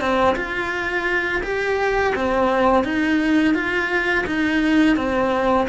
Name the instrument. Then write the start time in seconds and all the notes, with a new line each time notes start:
cello
0.00 C4
0.36 F4
1.43 G4
2.15 C4
2.84 D#4
3.54 F4
4.26 D#4
4.96 C4